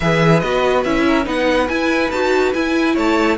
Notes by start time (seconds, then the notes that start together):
0.00 E3 G#4 B4 E5
0.40 B3 F#4 D#5
0.83 C#4 E4 E5
1.07 A#4
1.23 B3 D#4 B4 F#5
1.68 E4 G#5
2.10 D#4 F#4 A5
2.53 E4 G#5
2.93 A3 C#5 A5